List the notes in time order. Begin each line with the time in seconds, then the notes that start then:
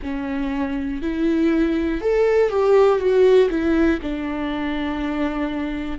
0.02 C#4
1.01 E4
2.00 A4
2.49 G4
2.98 F#4
3.50 E4
4.01 D4